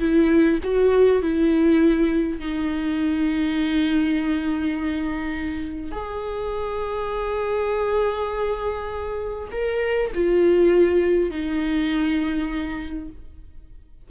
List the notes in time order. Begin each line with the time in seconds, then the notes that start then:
0.00 E4
0.63 F#4
1.22 E4
2.40 D#4
5.92 G#4
9.52 A#4
10.15 F4
11.31 D#4